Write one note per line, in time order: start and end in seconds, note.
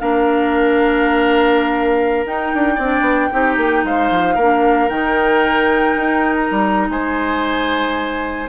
0.00 2.26 A#3
0.00 2.26 D4
0.00 2.75 A#4
0.00 2.26 F5
2.26 2.52 D#4
2.26 2.79 D#4
2.26 3.86 G5
2.54 2.79 D4
2.75 3.01 C4
2.75 3.28 D5
2.82 3.32 D4
3.01 3.27 B3
3.32 3.57 C4
3.32 4.38 D#4
3.32 3.86 G4
3.57 3.84 A#3
3.84 4.11 G#3
3.84 4.35 C5
3.84 4.89 F5
4.11 4.36 F3
4.35 4.89 A#3
4.35 6.87 A#4
4.41 4.90 D4
4.89 5.96 D#3
4.89 8.48 D#4
4.89 6.35 G5
5.96 6.49 D#4
6.36 6.89 A#5
6.51 6.89 G3
6.89 8.48 G#3
6.89 8.49 C5
6.89 8.49 G#5